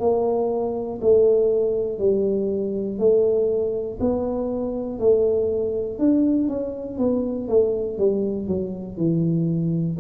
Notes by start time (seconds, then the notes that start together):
0.00 A#3
1.01 A3
1.99 G3
2.99 A3
4.00 B3
4.99 A3
5.99 D4
6.48 C#4
6.98 B3
7.48 A3
7.99 G3
8.48 F#3
8.97 E3